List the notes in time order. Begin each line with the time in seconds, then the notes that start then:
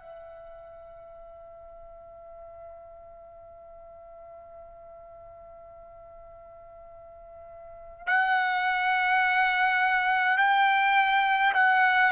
0.00 E5
8.07 F#5
10.38 G5
11.54 F#5